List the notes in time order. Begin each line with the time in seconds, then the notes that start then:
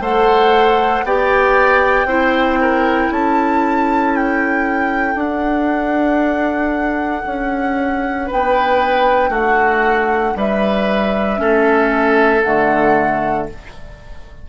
0.00 A3 A4 C5 F#5
1.04 B3 G4 D5 G5
2.06 C4 E4 C5
2.61 A#4
3.11 C#4 A4 A5
4.16 G5
5.16 D4 F#5
7.27 C#4
8.27 B4 G5
8.33 B3
9.30 A3 F#4 F#5
10.36 G3 B4 E5
11.37 A3 C#4 A4
12.43 D3 A3 F#5